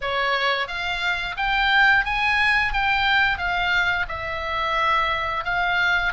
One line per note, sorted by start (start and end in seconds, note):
0.01 0.67 C#5
0.67 1.35 F5
1.36 2.05 G5
2.05 2.72 G#5
2.72 3.37 G5
3.37 4.06 F5
4.08 5.44 E5
5.44 6.12 F5